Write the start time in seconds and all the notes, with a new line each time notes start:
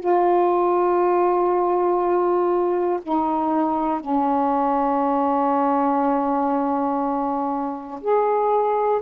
0.00 F4
3.03 D#4
4.01 C#4
8.02 G#4